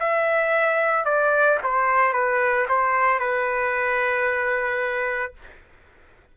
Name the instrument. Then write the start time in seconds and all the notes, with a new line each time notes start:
trumpet
0.00 E5
1.05 D5
1.64 C5
2.13 B4
2.69 C5
3.19 B4